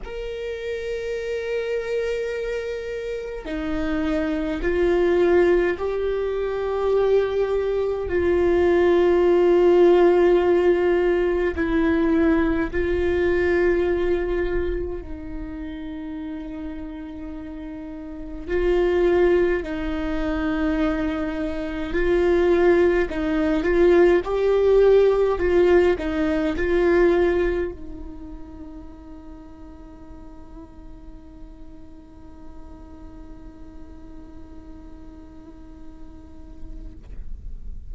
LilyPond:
\new Staff \with { instrumentName = "viola" } { \time 4/4 \tempo 4 = 52 ais'2. dis'4 | f'4 g'2 f'4~ | f'2 e'4 f'4~ | f'4 dis'2. |
f'4 dis'2 f'4 | dis'8 f'8 g'4 f'8 dis'8 f'4 | dis'1~ | dis'1 | }